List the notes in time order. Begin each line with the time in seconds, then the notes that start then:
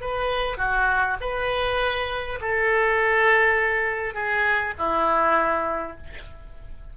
0.00 B4
0.57 F#4
1.20 B4
2.41 A4
4.14 G#4
4.78 E4